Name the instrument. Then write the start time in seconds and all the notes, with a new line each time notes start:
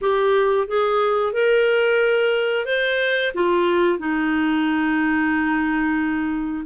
clarinet
0.01 G4
0.67 G#4
1.32 A#4
2.65 C5
3.34 F4
3.98 D#4